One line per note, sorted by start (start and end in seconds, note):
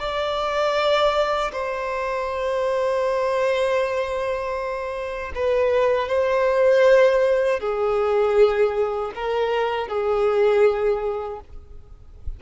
0.00 1.52 D5
1.53 5.33 C5
5.36 6.09 B4
6.09 7.61 C5
7.61 9.12 G#4
9.16 9.88 A#4
9.88 11.40 G#4